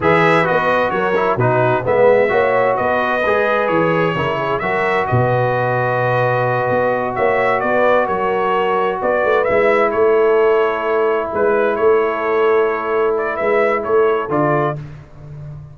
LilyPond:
<<
  \new Staff \with { instrumentName = "trumpet" } { \time 4/4 \tempo 4 = 130 e''4 dis''4 cis''4 b'4 | e''2 dis''2 | cis''2 e''4 dis''4~ | dis''2.~ dis''8 e''8~ |
e''8 d''4 cis''2 d''8~ | d''8 e''4 cis''2~ cis''8~ | cis''8 b'4 cis''2~ cis''8~ | cis''8 d''8 e''4 cis''4 d''4 | }
  \new Staff \with { instrumentName = "horn" } { \time 4/4 b'2 ais'4 fis'4 | b'4 cis''4 b'2~ | b'4 ais'8 gis'8 ais'4 b'4~ | b'2.~ b'8 cis''8~ |
cis''8 b'4 ais'2 b'8~ | b'4. a'2~ a'8~ | a'8 b'4 a'2~ a'8~ | a'4 b'4 a'2 | }
  \new Staff \with { instrumentName = "trombone" } { \time 4/4 gis'4 fis'4. e'8 dis'4 | b4 fis'2 gis'4~ | gis'4 e'4 fis'2~ | fis'1~ |
fis'1~ | fis'8 e'2.~ e'8~ | e'1~ | e'2. f'4 | }
  \new Staff \with { instrumentName = "tuba" } { \time 4/4 e4 b4 fis4 b,4 | gis4 ais4 b4 gis4 | e4 cis4 fis4 b,4~ | b,2~ b,8 b4 ais8~ |
ais8 b4 fis2 b8 | a8 gis4 a2~ a8~ | a8 gis4 a2~ a8~ | a4 gis4 a4 d4 | }
>>